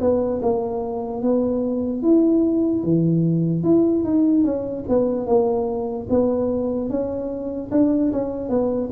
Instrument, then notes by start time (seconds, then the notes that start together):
tuba
0.00 B3
0.42 A#3
1.22 B3
2.02 E4
2.83 E3
3.63 E4
4.04 D#4
4.43 C#4
4.88 B3
5.26 A#3
6.09 B3
6.89 C#4
7.71 D4
8.12 C#4
8.49 B3